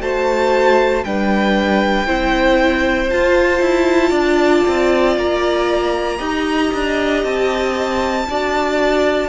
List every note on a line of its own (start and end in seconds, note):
0.00 1.04 A3
0.00 1.03 F#4
0.00 1.05 C5
0.00 1.04 A5
1.04 2.08 G3
1.04 2.06 D4
1.04 2.07 B4
1.04 3.10 G5
2.06 3.11 C4
2.06 3.10 E4
2.06 4.10 C5
3.10 6.18 F4
3.10 3.61 F4
3.10 5.17 A5
3.61 4.11 E4
4.10 4.63 D4
4.10 6.17 D5
4.68 5.17 C4
5.17 6.20 A#3
5.17 7.25 A#5
6.18 6.72 D#4
6.18 8.25 G4
6.18 8.25 D#5
6.74 7.24 D4
7.24 8.27 C4
7.24 9.29 A5
8.29 9.29 D4
8.29 9.29 F#4
8.29 9.29 D5